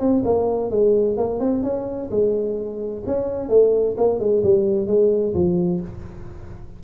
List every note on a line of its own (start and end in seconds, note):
0.00 0.23 C4
0.25 0.71 A#3
0.71 1.17 G#3
1.17 1.40 A#3
1.40 1.63 C4
1.63 2.10 C#4
2.11 3.04 G#3
3.06 3.49 C#4
3.49 3.96 A3
3.97 4.20 A#3
4.20 4.43 G#3
4.44 4.88 G3
4.88 5.34 G#3
5.34 5.81 F3